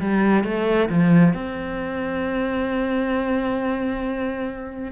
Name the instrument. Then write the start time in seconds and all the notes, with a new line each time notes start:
cello
0.00 G3
0.44 A3
0.89 F3
1.34 C4